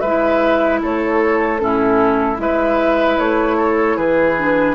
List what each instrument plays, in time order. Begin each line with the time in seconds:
0.00 bassoon G#3, clarinet E4, oboe B4, flute E5
0.82 bassoon A3, oboe A4, flute C#5
1.59 bassoon A2, clarinet C#4, oboe E4, flute A4
2.36 bassoon G#3, clarinet E4, oboe B4, flute E5
3.18 bassoon A3, flute C#5
3.57 oboe A4
3.97 bassoon E3, oboe G#4, flute B4
4.38 clarinet D4